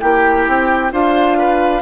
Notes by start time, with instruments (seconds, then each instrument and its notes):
0.00 bassoon A#3, clarinet E4, oboe G4, flute G5
0.48 bassoon C4
0.91 bassoon D4, clarinet F4, oboe C5, flute F5
1.38 oboe B4